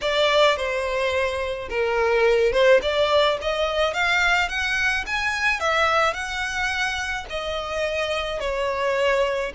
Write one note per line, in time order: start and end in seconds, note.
0.01 0.56 D5
0.56 1.68 C5
1.69 2.52 A#4
2.52 2.80 C5
2.82 3.38 D5
3.41 3.93 D#5
3.93 4.48 F5
4.48 5.04 F#5
5.06 5.59 G#5
5.59 6.13 E5
6.13 7.25 F#5
7.29 8.40 D#5
8.40 9.52 C#5